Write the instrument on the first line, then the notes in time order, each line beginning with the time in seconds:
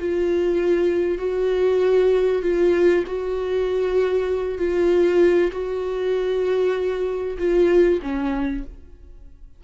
viola
0.00 F4
1.19 F#4
2.43 F4
3.07 F#4
4.59 F4
5.52 F#4
7.38 F4
8.02 C#4